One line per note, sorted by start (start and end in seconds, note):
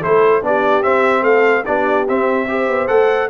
0.00 0.42 A3
0.00 0.42 E4
0.00 0.41 A4
0.00 0.44 C5
0.42 0.83 B3
0.42 0.82 D4
0.42 1.23 G4
0.42 0.83 D5
0.82 1.64 C4
0.82 1.22 C4
0.82 1.23 E5
1.22 1.63 A3
1.22 1.64 A4
1.22 1.64 F5
1.65 2.09 B3
1.65 2.07 D4
1.65 2.48 G4
1.65 2.06 D5
2.08 2.48 C4
2.08 2.68 C4
2.08 2.88 E5
2.48 2.87 G4
2.48 3.29 C5
2.68 2.89 B3
2.87 3.29 A3
2.87 3.29 A4
2.87 3.29 F#5